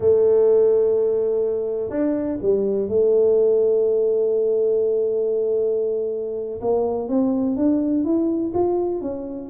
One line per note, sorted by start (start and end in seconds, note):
0.00 1.90 A3
1.90 2.38 D4
2.41 2.88 G3
2.88 6.60 A3
6.60 7.08 A#3
7.08 7.56 C4
7.56 8.04 D4
8.04 8.52 E4
8.54 9.01 F4
9.01 9.49 C#4